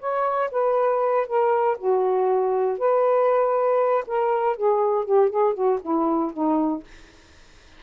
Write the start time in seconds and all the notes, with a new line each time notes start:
0.00 C#5
0.52 B4
1.27 A#4
1.79 F#4
2.79 B4
4.07 A#4
4.57 G#4
5.05 G4
5.30 G#4
5.55 F#4
5.82 E4
6.33 D#4